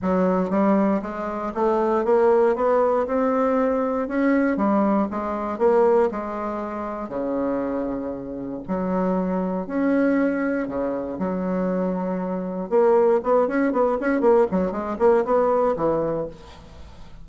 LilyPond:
\new Staff \with { instrumentName = "bassoon" } { \time 4/4 \tempo 4 = 118 fis4 g4 gis4 a4 | ais4 b4 c'2 | cis'4 g4 gis4 ais4 | gis2 cis2~ |
cis4 fis2 cis'4~ | cis'4 cis4 fis2~ | fis4 ais4 b8 cis'8 b8 cis'8 | ais8 fis8 gis8 ais8 b4 e4 | }